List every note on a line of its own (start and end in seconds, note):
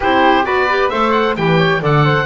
0.00 0.45 C4
0.00 0.43 E4
0.00 0.46 G4
0.00 0.45 C5
0.43 0.90 B3
0.43 0.66 F#4
0.43 0.90 B4
0.43 0.89 D5
0.69 0.91 G4
0.89 1.37 A3
0.89 1.36 A4
0.89 1.36 C5
0.89 1.11 E5
1.11 1.34 F#5
1.36 1.81 E3
1.36 1.80 G4
1.36 1.58 B4
1.36 1.82 G5
1.58 1.81 C#5
1.80 2.25 D3
1.80 2.25 A4
1.80 2.05 D5
1.80 2.25 F#5
2.05 2.25 C5